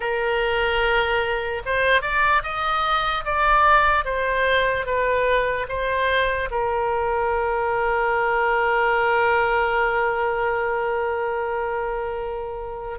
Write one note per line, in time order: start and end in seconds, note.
0.00 1.62 A#4
1.65 2.01 C5
2.01 2.42 D5
2.43 3.24 D#5
3.24 4.04 D5
4.04 4.85 C5
4.85 5.66 B4
5.68 6.49 C5
6.50 12.99 A#4